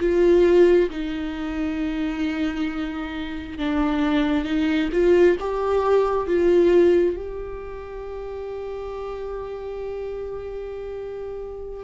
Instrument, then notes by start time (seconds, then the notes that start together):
viola
0.00 F4
0.90 D#4
3.59 D4
4.45 D#4
4.93 F4
5.40 G4
6.27 F4
7.16 G4